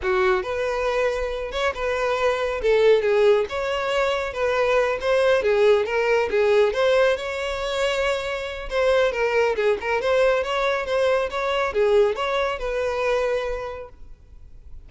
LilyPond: \new Staff \with { instrumentName = "violin" } { \time 4/4 \tempo 4 = 138 fis'4 b'2~ b'8 cis''8 | b'2 a'4 gis'4 | cis''2 b'4. c''8~ | c''8 gis'4 ais'4 gis'4 c''8~ |
c''8 cis''2.~ cis''8 | c''4 ais'4 gis'8 ais'8 c''4 | cis''4 c''4 cis''4 gis'4 | cis''4 b'2. | }